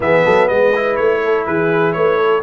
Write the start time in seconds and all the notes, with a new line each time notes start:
0.00 E3 B3 G#4 E5
0.25 F#3 A4
0.46 G#3 B4 D#5
0.75 E4
0.96 A3 C#5
1.24 A4
1.46 E3 G#4 B4
1.93 A3 B4 C#5
2.17 A4